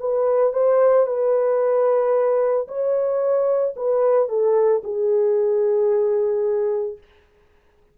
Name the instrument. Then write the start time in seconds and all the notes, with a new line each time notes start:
horn
0.00 B4
0.54 C5
1.07 B4
2.68 C#5
3.76 B4
4.29 A4
4.84 G#4